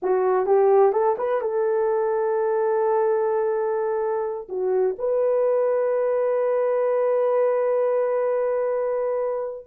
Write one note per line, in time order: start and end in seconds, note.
0.02 0.46 F#4
0.46 0.92 G4
0.92 1.16 A4
1.18 1.41 B4
1.41 4.48 A4
4.48 4.96 F#4
4.98 9.67 B4